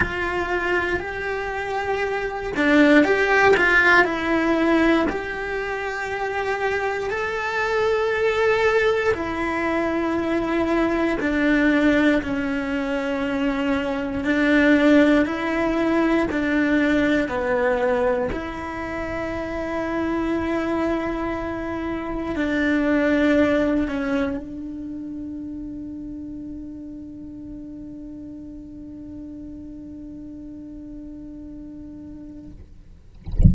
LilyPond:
\new Staff \with { instrumentName = "cello" } { \time 4/4 \tempo 4 = 59 f'4 g'4. d'8 g'8 f'8 | e'4 g'2 a'4~ | a'4 e'2 d'4 | cis'2 d'4 e'4 |
d'4 b4 e'2~ | e'2 d'4. cis'8 | d'1~ | d'1 | }